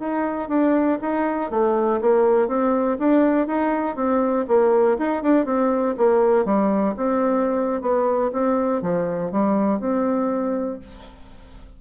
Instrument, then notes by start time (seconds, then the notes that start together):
bassoon
0.00 D#4
0.49 D4
1.02 D#4
1.51 A3
2.01 A#3
2.48 C4
3.00 D4
3.47 D#4
3.96 C4
4.48 A#3
4.98 D#4
5.23 D4
5.46 C4
5.98 A#3
6.45 G3
6.97 C4
7.82 B3
8.33 C4
8.82 F3
9.32 G3
9.80 C4